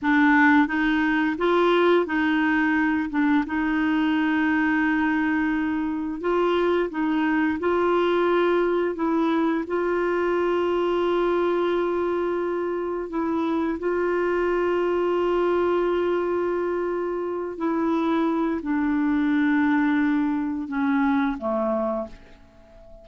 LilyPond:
\new Staff \with { instrumentName = "clarinet" } { \time 4/4 \tempo 4 = 87 d'4 dis'4 f'4 dis'4~ | dis'8 d'8 dis'2.~ | dis'4 f'4 dis'4 f'4~ | f'4 e'4 f'2~ |
f'2. e'4 | f'1~ | f'4. e'4. d'4~ | d'2 cis'4 a4 | }